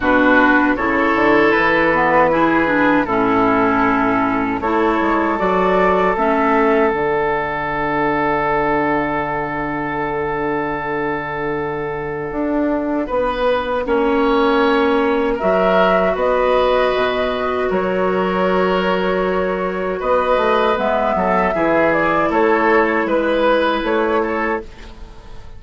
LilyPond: <<
  \new Staff \with { instrumentName = "flute" } { \time 4/4 \tempo 4 = 78 b'4 cis''4 b'2 | a'2 cis''4 d''4 | e''4 fis''2.~ | fis''1~ |
fis''1 | e''4 dis''2 cis''4~ | cis''2 dis''4 e''4~ | e''8 d''8 cis''4 b'4 cis''4 | }
  \new Staff \with { instrumentName = "oboe" } { \time 4/4 fis'4 a'2 gis'4 | e'2 a'2~ | a'1~ | a'1~ |
a'4 b'4 cis''2 | ais'4 b'2 ais'4~ | ais'2 b'4. a'8 | gis'4 a'4 b'4. a'8 | }
  \new Staff \with { instrumentName = "clarinet" } { \time 4/4 d'4 e'4. b8 e'8 d'8 | cis'2 e'4 fis'4 | cis'4 d'2.~ | d'1~ |
d'2 cis'2 | fis'1~ | fis'2. b4 | e'1 | }
  \new Staff \with { instrumentName = "bassoon" } { \time 4/4 b,4 cis8 d8 e2 | a,2 a8 gis8 fis4 | a4 d2.~ | d1 |
d'4 b4 ais2 | fis4 b4 b,4 fis4~ | fis2 b8 a8 gis8 fis8 | e4 a4 gis4 a4 | }
>>